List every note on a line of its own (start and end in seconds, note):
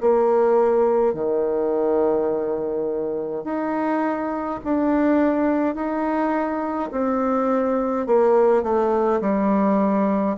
0.00 1.13 A#3
1.13 3.44 D#3
3.44 4.59 D#4
4.64 5.74 D4
5.74 6.90 D#4
6.91 8.06 C4
8.06 8.63 A#3
8.63 9.20 A3
9.20 10.36 G3